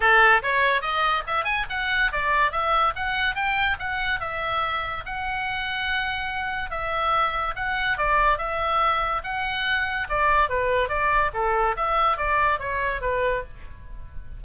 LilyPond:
\new Staff \with { instrumentName = "oboe" } { \time 4/4 \tempo 4 = 143 a'4 cis''4 dis''4 e''8 gis''8 | fis''4 d''4 e''4 fis''4 | g''4 fis''4 e''2 | fis''1 |
e''2 fis''4 d''4 | e''2 fis''2 | d''4 b'4 d''4 a'4 | e''4 d''4 cis''4 b'4 | }